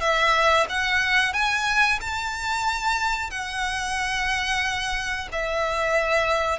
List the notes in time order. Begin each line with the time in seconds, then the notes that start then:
0.00 E5
0.69 F#5
1.33 G#5
2.00 A5
3.30 F#5
5.32 E5